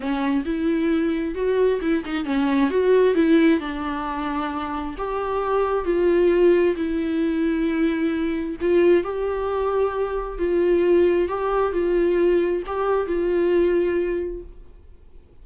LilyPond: \new Staff \with { instrumentName = "viola" } { \time 4/4 \tempo 4 = 133 cis'4 e'2 fis'4 | e'8 dis'8 cis'4 fis'4 e'4 | d'2. g'4~ | g'4 f'2 e'4~ |
e'2. f'4 | g'2. f'4~ | f'4 g'4 f'2 | g'4 f'2. | }